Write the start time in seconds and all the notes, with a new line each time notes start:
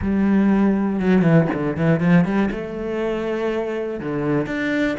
0.01 G3
0.99 F#3
1.22 E3
1.53 D3
1.76 E3
2.00 F3
2.24 G3
2.51 A3
4.00 D3
4.46 D4